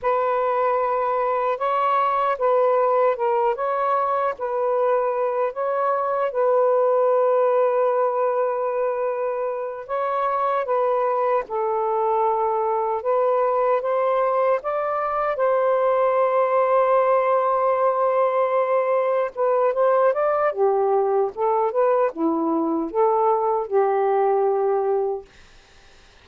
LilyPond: \new Staff \with { instrumentName = "saxophone" } { \time 4/4 \tempo 4 = 76 b'2 cis''4 b'4 | ais'8 cis''4 b'4. cis''4 | b'1~ | b'8 cis''4 b'4 a'4.~ |
a'8 b'4 c''4 d''4 c''8~ | c''1~ | c''8 b'8 c''8 d''8 g'4 a'8 b'8 | e'4 a'4 g'2 | }